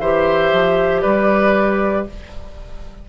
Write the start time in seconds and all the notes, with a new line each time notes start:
0.00 E3 G4 C5 E5
0.53 F3
1.02 G3 B4 D5